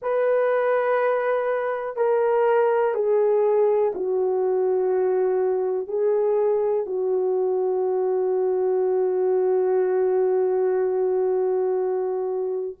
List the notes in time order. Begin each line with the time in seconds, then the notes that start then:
0.01 B4
1.96 A#4
2.94 G#4
3.94 F#4
5.87 G#4
6.85 F#4